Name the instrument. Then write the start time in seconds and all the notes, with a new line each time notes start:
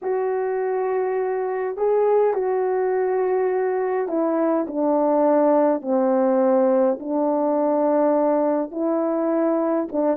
horn
0.02 F#4
1.76 G#4
2.33 F#4
4.08 E4
4.67 D4
5.81 C4
6.99 D4
8.71 E4
9.92 D4